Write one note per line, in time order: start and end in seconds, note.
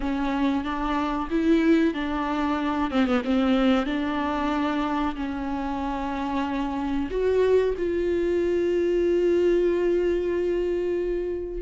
0.00 0.63 C#4
0.63 1.28 D4
1.30 1.94 E4
1.94 2.90 D4
2.90 3.06 C4
3.06 3.22 B3
3.24 3.86 C4
3.86 5.15 D4
5.15 7.09 C#4
7.10 7.74 F#4
7.77 11.61 F4